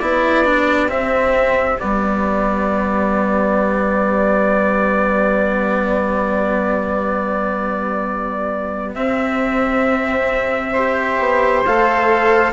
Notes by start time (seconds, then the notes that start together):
0.00 B3 E4 G4 D5
0.45 D4
0.88 C4 E5
1.80 G3 B3 D5
8.95 C4 E5
10.74 G4 C5
11.19 B3
11.66 A3 A4 F5